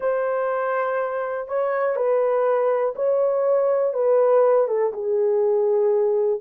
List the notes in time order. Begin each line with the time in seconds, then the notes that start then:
0.00 C5
1.48 C#5
1.96 B4
2.95 C#5
3.93 B4
4.67 A4
4.93 G#4